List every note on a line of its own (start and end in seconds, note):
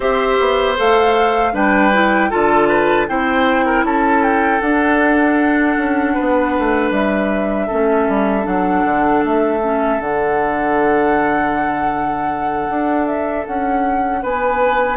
0.00 0.38 C4
0.00 0.76 G4
0.00 1.53 C5
0.00 0.78 E5
0.39 0.78 B3
0.77 1.53 A3
0.77 1.53 A4
0.77 1.55 F5
1.53 2.30 G3
1.53 1.91 D4
1.53 2.30 B4
1.53 2.30 G5
1.92 2.30 E4
2.30 3.08 D3
2.30 3.07 F4
2.30 2.68 A4
2.30 3.07 A5
2.68 3.06 B4
3.07 3.83 C4
3.07 4.61 E4
3.07 3.65 C5
3.07 3.84 G5
3.65 3.84 A#4
3.83 4.60 C#4
3.83 6.14 A4
3.83 4.23 A5
4.23 4.60 G5
4.60 5.76 D4
4.60 7.70 D4
4.60 6.91 F#5
5.77 6.15 C#4
6.14 6.58 B3
6.14 7.66 B4
6.58 6.90 A3
6.90 7.67 G3
6.90 8.46 E5
7.66 8.08 A3
7.66 8.43 C#4
7.66 14.20 A4
8.08 8.46 G3
8.43 8.84 F#3
8.43 9.58 D4
8.43 9.23 F#5
8.84 9.22 D3
9.24 9.99 A3
9.24 10.00 E5
9.63 10.00 C#4
9.99 12.68 D3
9.99 14.96 D4
9.99 13.06 F#5
12.69 13.46 D4
13.06 13.45 E5
13.46 14.23 C#4
13.46 14.23 F#5
14.22 14.96 B3
14.22 14.96 B4
14.22 14.96 G#5